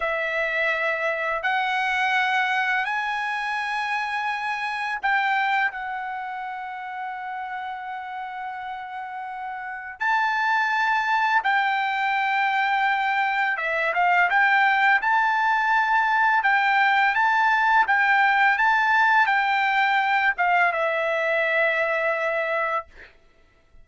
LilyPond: \new Staff \with { instrumentName = "trumpet" } { \time 4/4 \tempo 4 = 84 e''2 fis''2 | gis''2. g''4 | fis''1~ | fis''2 a''2 |
g''2. e''8 f''8 | g''4 a''2 g''4 | a''4 g''4 a''4 g''4~ | g''8 f''8 e''2. | }